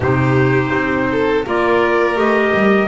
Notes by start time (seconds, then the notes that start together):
0.00 C3 D#4 G4 C5
0.72 C4
1.11 A4
1.45 A#3 F4 A#4 D5
2.15 A3 G4 D#5
2.54 G3